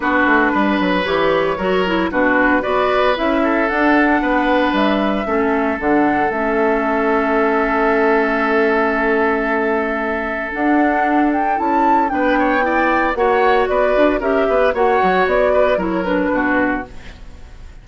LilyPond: <<
  \new Staff \with { instrumentName = "flute" } { \time 4/4 \tempo 4 = 114 b'2 cis''2 | b'4 d''4 e''4 fis''4~ | fis''4 e''2 fis''4 | e''1~ |
e''1 | fis''4. g''8 a''4 g''4~ | g''4 fis''4 d''4 e''4 | fis''4 d''4 cis''8 b'4. | }
  \new Staff \with { instrumentName = "oboe" } { \time 4/4 fis'4 b'2 ais'4 | fis'4 b'4. a'4. | b'2 a'2~ | a'1~ |
a'1~ | a'2. b'8 cis''8 | d''4 cis''4 b'4 ais'8 b'8 | cis''4. b'8 ais'4 fis'4 | }
  \new Staff \with { instrumentName = "clarinet" } { \time 4/4 d'2 g'4 fis'8 e'8 | d'4 fis'4 e'4 d'4~ | d'2 cis'4 d'4 | cis'1~ |
cis'1 | d'2 e'4 d'4 | e'4 fis'2 g'4 | fis'2 e'8 d'4. | }
  \new Staff \with { instrumentName = "bassoon" } { \time 4/4 b8 a8 g8 fis8 e4 fis4 | b,4 b4 cis'4 d'4 | b4 g4 a4 d4 | a1~ |
a1 | d'2 cis'4 b4~ | b4 ais4 b8 d'8 cis'8 b8 | ais8 fis8 b4 fis4 b,4 | }
>>